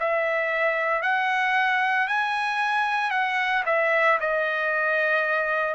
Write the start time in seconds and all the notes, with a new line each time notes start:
0.00 E5
1.02 F#5
2.08 G#5
3.11 F#5
3.66 E5
4.21 D#5